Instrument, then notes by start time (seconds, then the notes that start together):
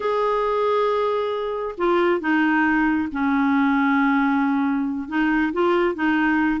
clarinet
0.00 G#4
1.77 F4
2.20 D#4
3.12 C#4
5.08 D#4
5.52 F4
5.94 D#4